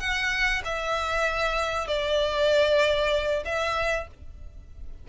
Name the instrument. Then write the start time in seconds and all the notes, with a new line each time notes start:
violin
0.00 F#5
0.65 E5
1.88 D5
3.45 E5